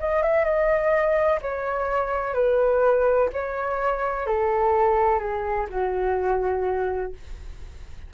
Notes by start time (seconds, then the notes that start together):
0.00 D#5
0.23 E5
0.45 D#5
1.42 C#5
2.35 B4
3.33 C#5
4.27 A4
5.20 G#4
5.70 F#4